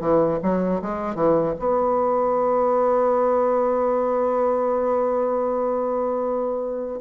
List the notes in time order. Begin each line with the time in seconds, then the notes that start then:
0.00 E3
0.43 F#3
0.81 G#3
1.15 E3
1.59 B3